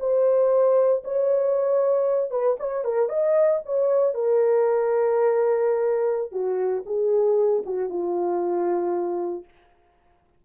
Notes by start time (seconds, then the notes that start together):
0.00 C5
1.05 C#5
2.31 B4
2.60 C#5
2.84 A#4
3.09 D#5
3.66 C#5
4.14 A#4
6.32 F#4
6.86 G#4
7.66 F#4
7.90 F4